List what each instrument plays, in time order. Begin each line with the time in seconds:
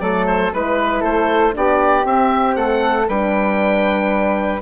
0.00 bassoon F#3, horn A3, flute A4, oboe D5
0.26 oboe C5
0.52 bassoon G#3, horn E4, flute B4, oboe B4
1.01 bassoon A3, flute A4, oboe C5
1.52 bassoon B3, horn D4, flute G4, oboe D5
2.04 horn C4, bassoon C4, oboe E5
2.56 bassoon A3, flute A4, oboe F#5
3.08 bassoon G3, horn D4, flute B4, oboe G5